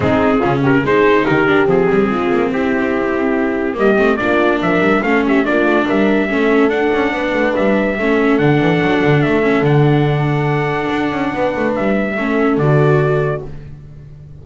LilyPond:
<<
  \new Staff \with { instrumentName = "trumpet" } { \time 4/4 \tempo 4 = 143 gis'4. ais'8 c''4 ais'4 | gis'2 g'2~ | g'4 dis''4 d''4 e''4 | f''8 e''8 d''4 e''2 |
fis''2 e''2 | fis''2 e''4 fis''4~ | fis''1 | e''2 d''2 | }
  \new Staff \with { instrumentName = "horn" } { \time 4/4 dis'4 f'8 g'8 gis'4 g'4~ | g'4 f'4 e'2~ | e'4 g'4 f'4 ais'4 | a'8 g'8 f'4 ais'4 a'4~ |
a'4 b'2 a'4~ | a'1~ | a'2. b'4~ | b'4 a'2. | }
  \new Staff \with { instrumentName = "viola" } { \time 4/4 c'4 cis'4 dis'4. d'8 | c'1~ | c'4 ais8 c'8 d'2 | cis'4 d'2 cis'4 |
d'2. cis'4 | d'2~ d'8 cis'8 d'4~ | d'1~ | d'4 cis'4 fis'2 | }
  \new Staff \with { instrumentName = "double bass" } { \time 4/4 gis4 cis4 gis4 dis4 | f8 g8 gis8 ais8 c'2~ | c'4 g8 a8 ais4 f8 g8 | a4 ais8 a8 g4 a4 |
d'8 cis'8 b8 a8 g4 a4 | d8 e8 fis8 d8 a4 d4~ | d2 d'8 cis'8 b8 a8 | g4 a4 d2 | }
>>